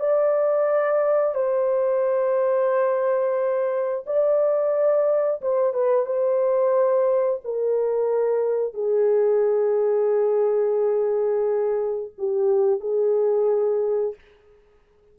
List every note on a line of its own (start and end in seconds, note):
0.00 1.35 D5
1.35 4.04 C5
4.06 5.41 D5
5.41 5.73 C5
5.73 6.06 B4
6.06 7.40 C5
7.44 8.74 A#4
8.74 12.11 G#4
12.18 12.80 G4
12.80 14.15 G#4